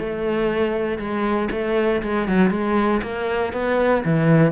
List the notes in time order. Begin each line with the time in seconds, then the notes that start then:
0.00 A3
0.98 G#3
1.51 A3
2.03 G#3
2.28 F#3
2.51 G#3
3.03 A#3
3.53 B3
4.05 E3